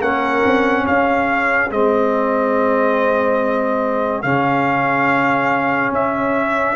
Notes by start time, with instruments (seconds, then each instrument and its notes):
0.00 tuba A#3, trombone C#4, horn A#4, trumpet F#5
0.45 tuba C4
0.84 tuba C#4, horn G#4, trumpet F5
1.70 tuba G#3, trombone C4, trumpet D#5
4.22 tuba C#3, trombone C#4, trumpet F5
5.91 tuba C#4, trumpet E5